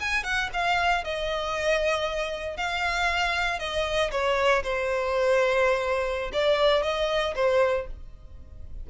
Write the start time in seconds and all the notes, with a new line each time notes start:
0.00 G#5
0.24 F#5
0.53 F5
1.04 D#5
2.57 F5
3.59 D#5
4.11 C#5
4.63 C5
6.33 D5
6.83 D#5
7.35 C5